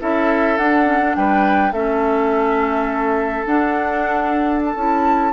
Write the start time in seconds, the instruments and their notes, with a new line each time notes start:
0.00 bassoon C#4, clarinet E4, oboe A4, flute E5
0.58 bassoon D4, clarinet D4, flute F#5
0.86 clarinet C#4
1.00 clarinet D4
1.16 bassoon G3, oboe B4, flute G5
1.72 bassoon A3, clarinet C#4, oboe A4, flute E5
3.45 bassoon D4, clarinet D4, flute F#5
4.65 flute A5
4.75 bassoon C#4, clarinet E4